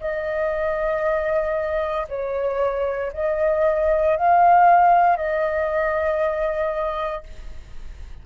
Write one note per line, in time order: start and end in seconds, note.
0.00 2.07 D#5
2.09 3.12 C#5
3.13 4.16 D#5
4.16 5.17 F5
5.17 7.24 D#5